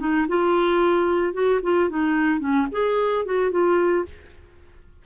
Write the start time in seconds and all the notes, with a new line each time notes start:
0.00 D#4
0.29 F4
1.34 F#4
1.63 F4
1.90 D#4
2.41 C#4
2.72 G#4
3.26 F#4
3.51 F4